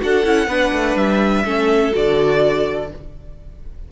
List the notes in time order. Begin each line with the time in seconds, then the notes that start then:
0.00 D4 F#4 A4 F#5
0.25 C#4 E4
0.48 B3 D4 B4
0.73 A3
0.96 G3 E5
1.45 A3 C#4 A4
1.92 D3 F#4 D5